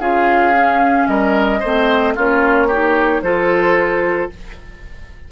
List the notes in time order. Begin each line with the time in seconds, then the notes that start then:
0.00 C#4 F4 G#4 F5
0.55 C#4
1.08 G3 A#4 D#5
1.60 A3 C4 C5
2.15 A#3 C#4 F4 C#5
2.68 D#4 G4
3.22 F3 F4 A4 C5